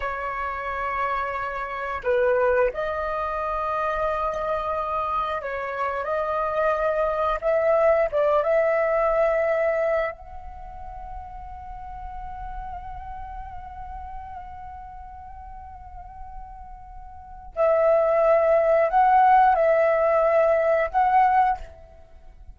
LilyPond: \new Staff \with { instrumentName = "flute" } { \time 4/4 \tempo 4 = 89 cis''2. b'4 | dis''1 | cis''4 dis''2 e''4 | d''8 e''2~ e''8 fis''4~ |
fis''1~ | fis''1~ | fis''2 e''2 | fis''4 e''2 fis''4 | }